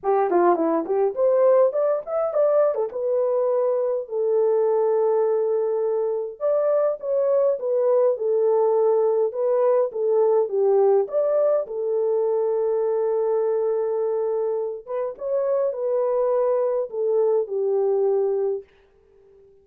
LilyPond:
\new Staff \with { instrumentName = "horn" } { \time 4/4 \tempo 4 = 103 g'8 f'8 e'8 g'8 c''4 d''8 e''8 | d''8. a'16 b'2 a'4~ | a'2. d''4 | cis''4 b'4 a'2 |
b'4 a'4 g'4 d''4 | a'1~ | a'4. b'8 cis''4 b'4~ | b'4 a'4 g'2 | }